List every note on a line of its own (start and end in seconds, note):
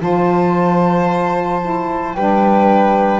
0.00 2.15 F3
0.00 1.61 F4
0.00 2.16 C5
0.00 2.14 A5
1.61 2.15 E4
2.14 3.20 G3
2.14 3.20 D4
2.14 3.20 B4
2.14 3.20 G5